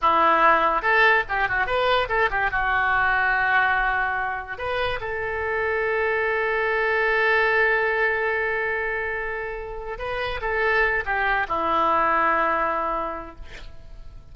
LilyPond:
\new Staff \with { instrumentName = "oboe" } { \time 4/4 \tempo 4 = 144 e'2 a'4 g'8 fis'8 | b'4 a'8 g'8 fis'2~ | fis'2. b'4 | a'1~ |
a'1~ | a'1 | b'4 a'4. g'4 e'8~ | e'1 | }